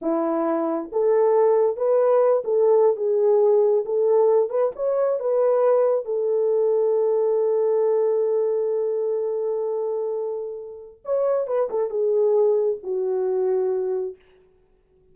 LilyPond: \new Staff \with { instrumentName = "horn" } { \time 4/4 \tempo 4 = 136 e'2 a'2 | b'4. a'4~ a'16 gis'4~ gis'16~ | gis'8. a'4. b'8 cis''4 b'16~ | b'4.~ b'16 a'2~ a'16~ |
a'1~ | a'1~ | a'4 cis''4 b'8 a'8 gis'4~ | gis'4 fis'2. | }